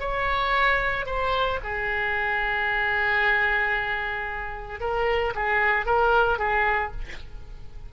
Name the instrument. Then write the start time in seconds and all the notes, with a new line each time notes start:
oboe
0.00 C#5
1.06 C5
1.64 G#4
4.80 A#4
5.35 G#4
5.86 A#4
6.39 G#4